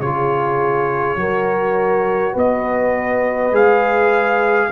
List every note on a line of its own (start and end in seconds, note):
0.00 1.16 C#3
0.00 1.17 F4
0.00 1.19 G#4
0.00 2.36 C#5
1.16 2.34 F#3
1.16 3.52 F#4
1.16 2.33 A#4
2.33 3.51 B3
2.33 4.68 B4
2.33 3.55 D#5
3.51 4.69 G#3
3.51 4.70 G#4
3.51 4.72 F5